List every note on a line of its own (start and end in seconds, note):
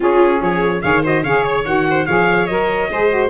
0.00 0.80 C#4
0.00 0.40 C#4
0.00 0.41 F4
0.00 0.42 G#4
0.40 0.82 F3
0.40 0.82 G#4
0.40 0.81 C#5
0.81 1.23 D#3
0.81 1.03 G#4
0.81 1.03 C#5
0.81 1.02 F5
1.03 1.23 F#4
1.03 1.24 C5
1.03 1.23 D#5
1.23 1.64 C#3
1.23 1.64 G#4
1.23 1.86 C#5
1.23 1.44 F5
1.44 1.64 C#5
1.64 2.06 D#3
1.64 2.06 F#4
1.64 2.05 F#5
1.90 2.06 C5
2.05 2.49 F3
2.05 2.48 G#4
2.05 2.89 C#5
2.05 2.46 F5
2.46 2.90 F#3
2.46 2.90 A#4
2.46 3.29 D#5
2.90 3.29 G#3
2.90 3.09 G#4
2.90 3.29 C5
3.09 3.29 F#4